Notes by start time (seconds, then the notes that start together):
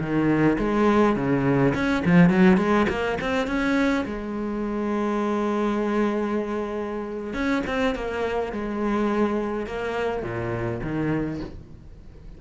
0.00 D#3
0.58 G#3
1.16 C#3
1.74 C#4
2.05 F3
2.29 F#3
2.57 G#3
2.89 A#3
3.21 C4
3.47 C#4
4.06 G#3
7.33 C#4
7.67 C4
7.95 A#3
8.52 G#3
9.66 A#3
10.22 A#2
10.83 D#3